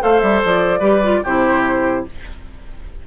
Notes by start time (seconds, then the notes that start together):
0.00 A3 A4 C5 F5
0.21 G3 E5
0.44 F3 D5
0.79 G3 G4 B4
1.03 F4
1.23 C3 E4 G4 C5